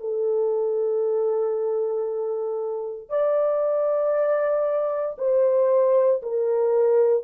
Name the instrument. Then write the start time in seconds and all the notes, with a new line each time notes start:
horn
0.00 A4
3.09 D5
5.18 C5
6.23 A#4